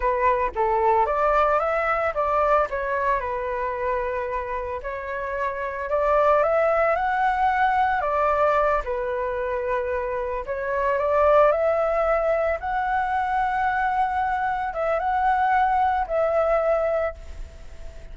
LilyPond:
\new Staff \with { instrumentName = "flute" } { \time 4/4 \tempo 4 = 112 b'4 a'4 d''4 e''4 | d''4 cis''4 b'2~ | b'4 cis''2 d''4 | e''4 fis''2 d''4~ |
d''8 b'2. cis''8~ | cis''8 d''4 e''2 fis''8~ | fis''2.~ fis''8 e''8 | fis''2 e''2 | }